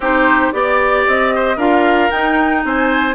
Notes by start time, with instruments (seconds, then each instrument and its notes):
0.00 bassoon C4, clarinet D#4, oboe G4, flute C5
0.52 bassoon B3, clarinet G4, flute D5, oboe D5
1.07 bassoon C4, flute D#5
1.35 oboe C5
1.56 bassoon D4, clarinet F4, oboe A#4, flute F5
2.10 bassoon D#4, clarinet D#4, flute G5
2.64 bassoon C4, oboe C5, flute G#5